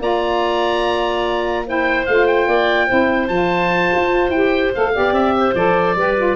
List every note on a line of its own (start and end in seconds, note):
0.00 2.05 A#3
0.00 1.65 F4
0.00 1.66 D5
0.00 1.67 A#5
1.66 2.07 E4
1.66 2.48 C5
1.66 2.06 G5
2.06 2.48 A3
2.06 2.88 F4
2.06 2.27 F5
2.27 3.28 G5
2.48 2.89 A#3
2.48 2.87 D5
2.87 3.29 C4
2.87 3.29 E4
2.87 4.92 C5
3.28 3.91 F3
3.28 4.34 F4
3.28 4.31 A5
3.95 4.29 F4
4.29 4.70 E4
4.29 4.75 G4
4.29 4.72 G5
4.75 4.96 A3
4.75 4.93 A4
4.75 5.14 F5
4.93 5.12 B3
4.93 5.54 G4
4.93 5.36 D5
5.12 5.53 C4
5.12 5.55 E5
5.37 5.98 C5
5.55 5.96 F3
5.55 5.97 A4
5.55 6.36 D5
5.96 6.36 G3
5.96 6.17 G4
5.96 6.36 B4
6.17 6.36 F4